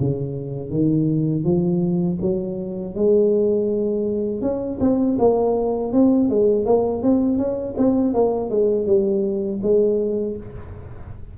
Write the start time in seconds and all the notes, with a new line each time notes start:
0.00 C#3
0.70 D#3
1.44 F3
2.22 F#3
2.95 G#3
4.42 C#4
4.80 C4
5.19 A#3
5.93 C4
6.30 G#3
6.66 A#3
7.03 C4
7.38 C#4
7.78 C4
8.14 A#3
8.50 G#3
8.86 G3
9.63 G#3